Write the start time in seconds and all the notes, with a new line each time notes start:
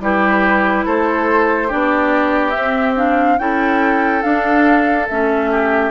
0.00 G3 E4 G4 B4
0.85 A3 A4 C5
1.67 B3 D4 G4 D5
2.50 C4 E5
2.96 D4 F5
3.38 C#4 E4 A4 G5
4.22 D4 F5
5.08 A3 C#4 E5
5.51 G4